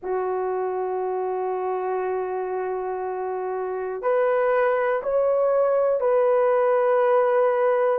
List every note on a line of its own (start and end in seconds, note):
0.03 4.02 F#4
4.02 5.02 B4
5.02 6.00 C#5
6.00 7.99 B4